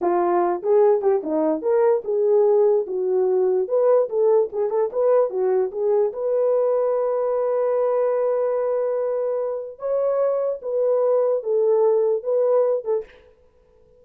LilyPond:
\new Staff \with { instrumentName = "horn" } { \time 4/4 \tempo 4 = 147 f'4. gis'4 g'8 dis'4 | ais'4 gis'2 fis'4~ | fis'4 b'4 a'4 gis'8 a'8 | b'4 fis'4 gis'4 b'4~ |
b'1~ | b'1 | cis''2 b'2 | a'2 b'4. a'8 | }